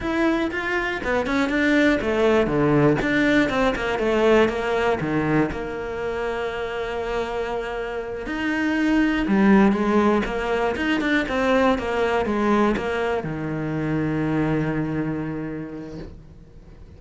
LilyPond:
\new Staff \with { instrumentName = "cello" } { \time 4/4 \tempo 4 = 120 e'4 f'4 b8 cis'8 d'4 | a4 d4 d'4 c'8 ais8 | a4 ais4 dis4 ais4~ | ais1~ |
ais8 dis'2 g4 gis8~ | gis8 ais4 dis'8 d'8 c'4 ais8~ | ais8 gis4 ais4 dis4.~ | dis1 | }